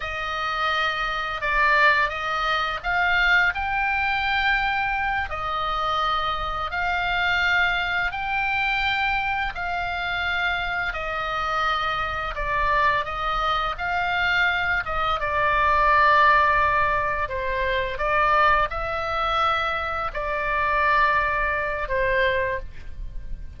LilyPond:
\new Staff \with { instrumentName = "oboe" } { \time 4/4 \tempo 4 = 85 dis''2 d''4 dis''4 | f''4 g''2~ g''8 dis''8~ | dis''4. f''2 g''8~ | g''4. f''2 dis''8~ |
dis''4. d''4 dis''4 f''8~ | f''4 dis''8 d''2~ d''8~ | d''8 c''4 d''4 e''4.~ | e''8 d''2~ d''8 c''4 | }